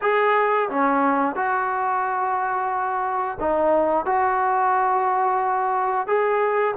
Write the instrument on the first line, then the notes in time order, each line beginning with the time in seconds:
trombone
0.01 G#4
0.69 C#4
1.35 F#4
3.40 D#4
4.05 F#4
6.07 G#4